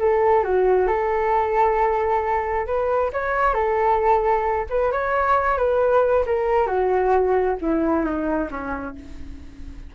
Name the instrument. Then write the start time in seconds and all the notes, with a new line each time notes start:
flute
0.00 A4
0.44 F#4
0.88 A4
2.67 B4
3.13 C#5
3.54 A4
4.70 B4
4.92 C#5
5.58 B4
6.26 A#4
6.67 F#4
7.61 E4
8.05 D#4
8.51 C#4